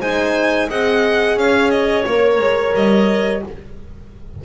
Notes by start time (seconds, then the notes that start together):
0.00 G#3 D#4 C5 G#5
0.69 C4 G#4 D#5 F#5
1.36 C#4 C#5 F5
1.71 D#5
2.06 A#3 A#4 C#5
2.39 G#3
2.74 G3 D#5